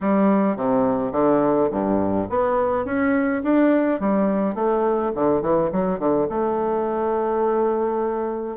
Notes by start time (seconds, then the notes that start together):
0.00 G3
0.56 C3
1.12 D3
1.71 G2
2.29 B3
2.85 C#4
3.43 D4
4.00 G3
4.54 A3
5.14 D3
5.41 E3
5.71 F#3
5.99 D3
6.29 A3